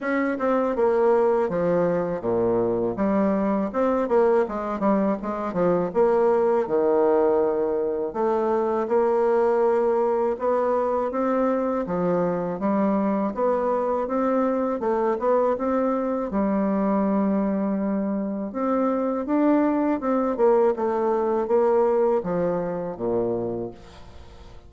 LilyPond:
\new Staff \with { instrumentName = "bassoon" } { \time 4/4 \tempo 4 = 81 cis'8 c'8 ais4 f4 ais,4 | g4 c'8 ais8 gis8 g8 gis8 f8 | ais4 dis2 a4 | ais2 b4 c'4 |
f4 g4 b4 c'4 | a8 b8 c'4 g2~ | g4 c'4 d'4 c'8 ais8 | a4 ais4 f4 ais,4 | }